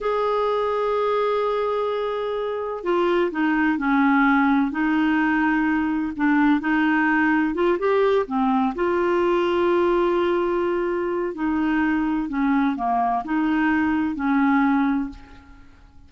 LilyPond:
\new Staff \with { instrumentName = "clarinet" } { \time 4/4 \tempo 4 = 127 gis'1~ | gis'2 f'4 dis'4 | cis'2 dis'2~ | dis'4 d'4 dis'2 |
f'8 g'4 c'4 f'4.~ | f'1 | dis'2 cis'4 ais4 | dis'2 cis'2 | }